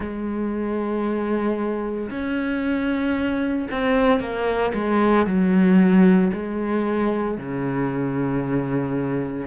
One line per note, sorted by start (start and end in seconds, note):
0.00 2.10 G#3
2.10 3.68 C#4
3.71 4.20 C4
4.20 4.72 A#3
4.74 5.26 G#3
5.26 6.32 F#3
6.32 7.37 G#3
7.37 9.46 C#3